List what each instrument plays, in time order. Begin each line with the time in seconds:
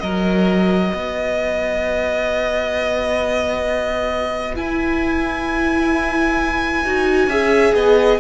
0.00 cello F#3, viola F#4, violin A#4 D#5
0.94 cello B3, violin B4
4.55 viola E4, cello E4, violin G#5
6.84 cello D#4, viola F#4
7.27 cello C#4, viola G#4, violin E5
7.74 cello B3, violin D#5